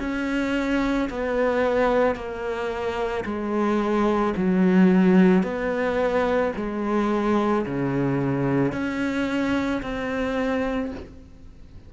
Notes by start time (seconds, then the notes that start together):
0.00 C#4
1.10 B3
2.15 A#3
3.25 G#3
4.36 F#3
5.43 B3
6.57 G#3
7.66 C#3
8.72 C#4
9.82 C4